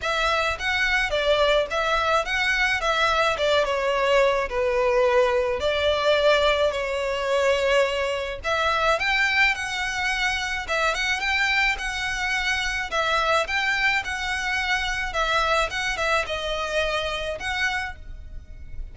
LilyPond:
\new Staff \with { instrumentName = "violin" } { \time 4/4 \tempo 4 = 107 e''4 fis''4 d''4 e''4 | fis''4 e''4 d''8 cis''4. | b'2 d''2 | cis''2. e''4 |
g''4 fis''2 e''8 fis''8 | g''4 fis''2 e''4 | g''4 fis''2 e''4 | fis''8 e''8 dis''2 fis''4 | }